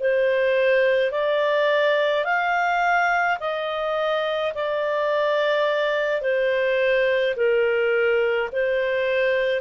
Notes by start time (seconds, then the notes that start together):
0.00 C5
1.12 D5
2.25 F5
3.40 D#5
4.55 D5
6.22 C5
7.36 A#4
8.52 C5